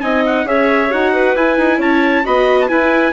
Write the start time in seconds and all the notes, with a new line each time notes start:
0.00 C4 D#4 D#5 G#5
0.26 F#5
0.44 C#4 G#4 C#5 E5
0.90 D#4 F#4 F#5
1.13 B4
1.35 E4 G#5
1.57 D#4
1.78 C#4 C#5 A5
2.24 B3 F#4 D#5 B5
2.61 A5
2.68 E4 B4 G#5